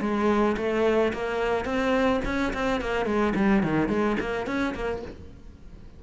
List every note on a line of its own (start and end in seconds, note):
0.00 0.56 G#3
0.57 1.12 A3
1.13 1.65 A#3
1.65 2.20 C4
2.25 2.53 C#4
2.53 2.80 C4
2.80 3.05 A#3
3.05 3.33 G#3
3.35 3.63 G3
3.63 3.88 D#3
3.88 4.16 G#3
4.20 4.46 A#3
4.46 4.74 C#4
4.74 5.02 A#3